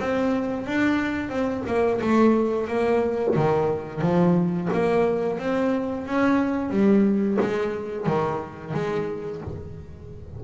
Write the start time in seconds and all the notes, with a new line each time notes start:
0.00 C4
0.66 D4
1.29 C4
1.67 A#3
2.01 A3
2.68 A#3
3.36 D#3
4.01 F3
4.73 A#3
5.39 C4
6.06 C#4
6.70 G3
7.40 G#3
8.07 D#3
8.74 G#3